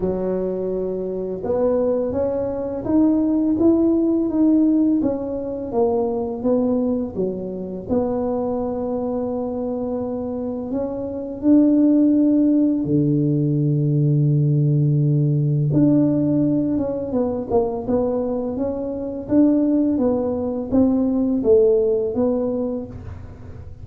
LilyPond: \new Staff \with { instrumentName = "tuba" } { \time 4/4 \tempo 4 = 84 fis2 b4 cis'4 | dis'4 e'4 dis'4 cis'4 | ais4 b4 fis4 b4~ | b2. cis'4 |
d'2 d2~ | d2 d'4. cis'8 | b8 ais8 b4 cis'4 d'4 | b4 c'4 a4 b4 | }